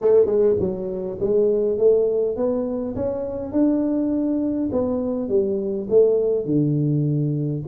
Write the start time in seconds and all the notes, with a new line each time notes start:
0.01 A3
0.26 G#3
0.59 F#3
1.20 G#3
1.78 A3
2.36 B3
2.95 C#4
3.51 D4
4.71 B3
5.29 G3
5.89 A3
6.45 D3